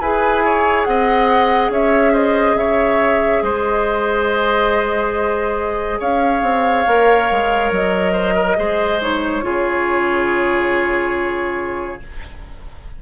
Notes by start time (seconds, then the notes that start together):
0.00 E4 G#4 B4 G#5
0.44 C#5
0.84 C4 D#5 F#5
1.69 C#4 C#5 E5
2.12 C5 D#5
2.55 C#3 C#5 E5
3.42 G#3 C5 D#5
5.99 C#4 C#5 F5
6.42 C4
6.87 A#3 A#4
7.31 G#3
7.71 F#3 D#5
8.12 C5
8.35 A#4
8.56 G#3 G#4 C5
9.01 D#4 C#5
9.42 C#3 F4 G#4